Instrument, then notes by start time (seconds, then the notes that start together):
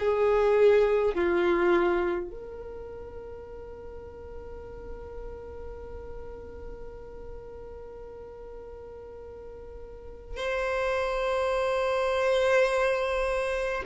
violin
0.00 G#4
1.15 F4
2.31 A#4
10.37 C5